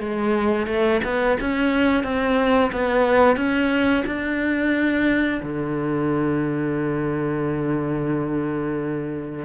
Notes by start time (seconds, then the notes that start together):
0.00 G#3
0.67 A3
1.04 B3
1.41 C#4
2.04 C4
2.72 B3
3.37 C#4
4.07 D4
5.43 D3